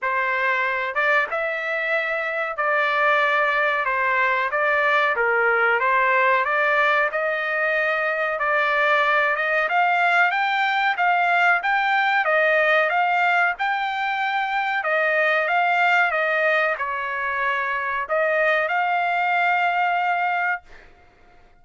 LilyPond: \new Staff \with { instrumentName = "trumpet" } { \time 4/4 \tempo 4 = 93 c''4. d''8 e''2 | d''2 c''4 d''4 | ais'4 c''4 d''4 dis''4~ | dis''4 d''4. dis''8 f''4 |
g''4 f''4 g''4 dis''4 | f''4 g''2 dis''4 | f''4 dis''4 cis''2 | dis''4 f''2. | }